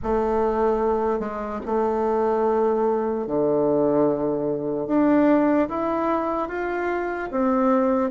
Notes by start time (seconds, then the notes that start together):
0.02 A3
1.19 G#3
1.65 A3
3.27 D3
4.87 D4
5.69 E4
6.48 F4
7.31 C4